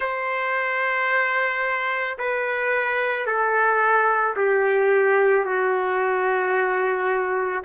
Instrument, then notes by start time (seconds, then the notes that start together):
trumpet
0.00 C5
2.18 B4
3.26 A4
4.36 G4
5.45 F#4